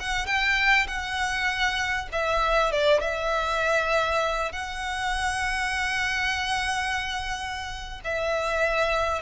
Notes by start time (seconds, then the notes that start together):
0.00 F#5
0.26 G5
0.87 F#5
2.12 E5
2.72 D5
3.01 E5
4.52 F#5
8.04 E5